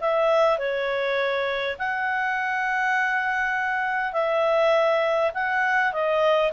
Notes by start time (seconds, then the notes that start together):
0.00 E5
0.58 C#5
1.78 F#5
4.12 E5
5.34 F#5
5.92 D#5